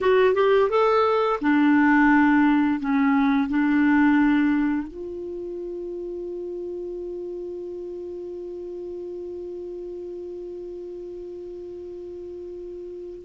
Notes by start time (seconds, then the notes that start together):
0.01 F#4
0.34 G4
0.69 A4
1.41 D4
2.80 C#4
3.49 D4
4.87 F4